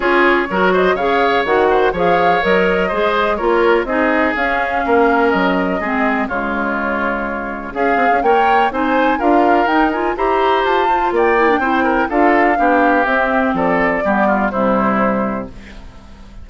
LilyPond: <<
  \new Staff \with { instrumentName = "flute" } { \time 4/4 \tempo 4 = 124 cis''4. dis''8 f''4 fis''4 | f''4 dis''2 cis''4 | dis''4 f''2 dis''4~ | dis''4 cis''2. |
f''4 g''4 gis''4 f''4 | g''8 gis''8 ais''4 a''4 g''4~ | g''4 f''2 e''4 | d''2 c''2 | }
  \new Staff \with { instrumentName = "oboe" } { \time 4/4 gis'4 ais'8 c''8 cis''4. c''8 | cis''2 c''4 ais'4 | gis'2 ais'2 | gis'4 f'2. |
gis'4 cis''4 c''4 ais'4~ | ais'4 c''2 d''4 | c''8 ais'8 a'4 g'2 | a'4 g'8 f'8 e'2 | }
  \new Staff \with { instrumentName = "clarinet" } { \time 4/4 f'4 fis'4 gis'4 fis'4 | gis'4 ais'4 gis'4 f'4 | dis'4 cis'2. | c'4 gis2. |
gis'4 ais'4 dis'4 f'4 | dis'8 f'8 g'4. f'4 e'16 d'16 | e'4 f'4 d'4 c'4~ | c'4 b4 g2 | }
  \new Staff \with { instrumentName = "bassoon" } { \time 4/4 cis'4 fis4 cis4 dis4 | f4 fis4 gis4 ais4 | c'4 cis'4 ais4 fis4 | gis4 cis2. |
cis'8 c'16 cis'16 ais4 c'4 d'4 | dis'4 e'4 f'4 ais4 | c'4 d'4 b4 c'4 | f4 g4 c2 | }
>>